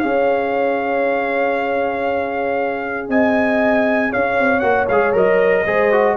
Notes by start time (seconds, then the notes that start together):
0.00 C#4 G#4 C#5 F5
3.09 C4 D#5 G#5
4.11 C#4 C#5 F5
4.40 C4
4.60 A#3 F#4 F#5
4.89 G#3 G#4 F5
5.13 F#3 A#4 D#5
5.66 G#3 G#4 C5
5.93 F#4